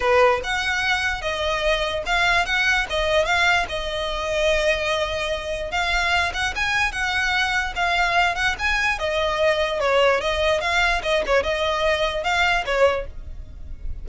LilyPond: \new Staff \with { instrumentName = "violin" } { \time 4/4 \tempo 4 = 147 b'4 fis''2 dis''4~ | dis''4 f''4 fis''4 dis''4 | f''4 dis''2.~ | dis''2 f''4. fis''8 |
gis''4 fis''2 f''4~ | f''8 fis''8 gis''4 dis''2 | cis''4 dis''4 f''4 dis''8 cis''8 | dis''2 f''4 cis''4 | }